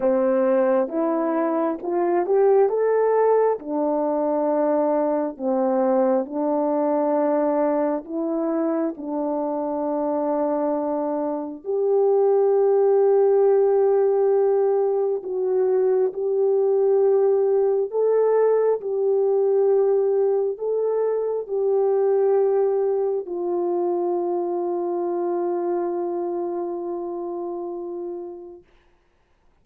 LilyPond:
\new Staff \with { instrumentName = "horn" } { \time 4/4 \tempo 4 = 67 c'4 e'4 f'8 g'8 a'4 | d'2 c'4 d'4~ | d'4 e'4 d'2~ | d'4 g'2.~ |
g'4 fis'4 g'2 | a'4 g'2 a'4 | g'2 f'2~ | f'1 | }